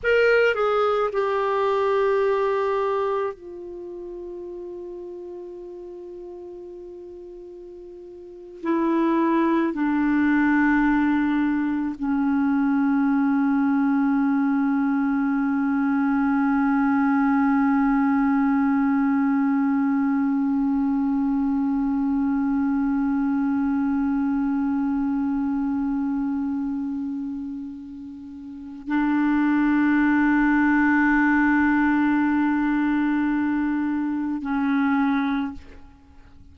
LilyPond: \new Staff \with { instrumentName = "clarinet" } { \time 4/4 \tempo 4 = 54 ais'8 gis'8 g'2 f'4~ | f'2.~ f'8. e'16~ | e'8. d'2 cis'4~ cis'16~ | cis'1~ |
cis'1~ | cis'1~ | cis'2 d'2~ | d'2. cis'4 | }